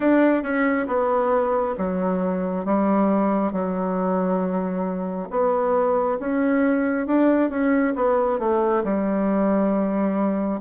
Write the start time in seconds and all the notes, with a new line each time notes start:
0.00 D4
0.43 C#4
0.87 B3
1.77 F#3
2.65 G3
3.52 F#3
5.30 B3
6.19 C#4
7.06 D4
7.50 C#4
7.95 B3
8.39 A3
8.84 G3